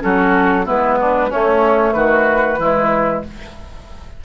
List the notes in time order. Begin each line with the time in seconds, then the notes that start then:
0.00 F#3 C#4 F#4 A4
0.65 G#3 B3 E4 B4
1.01 D4
1.29 A3 C#4 C#5
1.93 D#3 F#4 B4
2.59 E3 G#3 E4